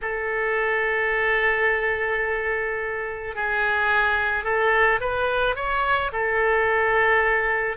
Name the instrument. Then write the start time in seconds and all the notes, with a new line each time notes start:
oboe
0.02 A4
3.35 G#4
4.43 A4
5.00 B4
5.55 C#5
6.12 A4